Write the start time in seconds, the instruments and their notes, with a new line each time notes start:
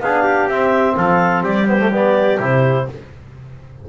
0.00 double bass B3, trombone D4, trumpet G#4, clarinet F5
0.23 trumpet G4
0.47 double bass C4, trombone C4, clarinet E5
0.96 double bass F3, trumpet A4, clarinet F5
1.43 double bass G3, trumpet G4, clarinet D5
1.66 trombone B3, clarinet C5
1.79 trombone A3
1.92 trombone B3, clarinet D5
2.39 double bass C3, trombone E4, clarinet C5